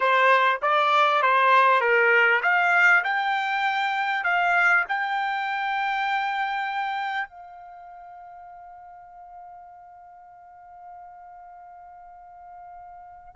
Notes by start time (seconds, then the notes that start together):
0.00 C5
0.62 D5
1.22 C5
1.80 A#4
2.42 F5
3.04 G5
4.23 F5
4.88 G5
7.28 F5